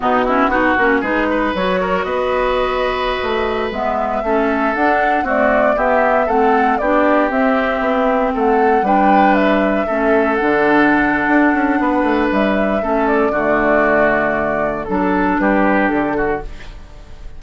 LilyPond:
<<
  \new Staff \with { instrumentName = "flute" } { \time 4/4 \tempo 4 = 117 fis'2 b'4 cis''4 | dis''2.~ dis''16 e''8.~ | e''4~ e''16 fis''4 d''4 e''8.~ | e''16 fis''4 d''4 e''4.~ e''16~ |
e''16 fis''4 g''4 e''4.~ e''16~ | e''16 fis''2.~ fis''8. | e''4. d''2~ d''8~ | d''4 a'4 b'4 a'4 | }
  \new Staff \with { instrumentName = "oboe" } { \time 4/4 dis'8 e'8 fis'4 gis'8 b'4 ais'8 | b'1~ | b'16 a'2 fis'4 g'8.~ | g'16 a'4 g'2~ g'8.~ |
g'16 a'4 b'2 a'8.~ | a'2. b'4~ | b'4 a'4 fis'2~ | fis'4 a'4 g'4. fis'8 | }
  \new Staff \with { instrumentName = "clarinet" } { \time 4/4 b8 cis'8 dis'8 cis'8 dis'4 fis'4~ | fis'2.~ fis'16 b8.~ | b16 cis'4 d'4 a4 b8.~ | b16 c'4 d'4 c'4.~ c'16~ |
c'4~ c'16 d'2 cis'8.~ | cis'16 d'2.~ d'8.~ | d'4 cis'4 a2~ | a4 d'2. | }
  \new Staff \with { instrumentName = "bassoon" } { \time 4/4 b,4 b8 ais8 gis4 fis4 | b2~ b16 a4 gis8.~ | gis16 a4 d'4 c'4 b8.~ | b16 a4 b4 c'4 b8.~ |
b16 a4 g2 a8.~ | a16 d4.~ d16 d'8 cis'8 b8 a8 | g4 a4 d2~ | d4 fis4 g4 d4 | }
>>